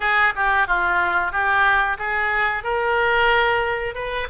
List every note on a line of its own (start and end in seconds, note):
0.00 0.33 G#4
0.35 0.67 G4
0.67 1.32 F4
1.32 1.98 G4
1.98 2.63 G#4
2.63 3.94 A#4
3.94 4.27 B4